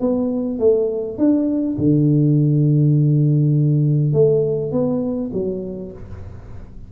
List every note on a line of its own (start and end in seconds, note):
0.00 0.59 B3
0.59 1.17 A3
1.18 1.76 D4
1.78 4.13 D3
4.13 4.72 A3
4.72 5.30 B3
5.33 5.91 F#3